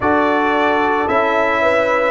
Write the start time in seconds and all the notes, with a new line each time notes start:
0.00 D4 F#4 A4 D5
1.08 C#4 E4 E5
1.61 B4